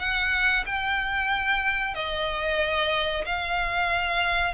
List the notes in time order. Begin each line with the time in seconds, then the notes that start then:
0.00 F#5
0.66 G5
1.95 D#5
3.26 F5